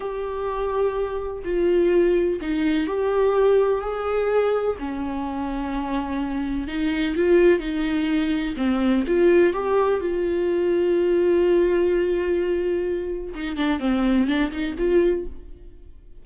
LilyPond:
\new Staff \with { instrumentName = "viola" } { \time 4/4 \tempo 4 = 126 g'2. f'4~ | f'4 dis'4 g'2 | gis'2 cis'2~ | cis'2 dis'4 f'4 |
dis'2 c'4 f'4 | g'4 f'2.~ | f'1 | dis'8 d'8 c'4 d'8 dis'8 f'4 | }